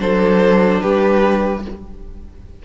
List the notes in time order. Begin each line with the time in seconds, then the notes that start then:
0.00 F#3 D4 A4 C5
0.82 G3 G4 B4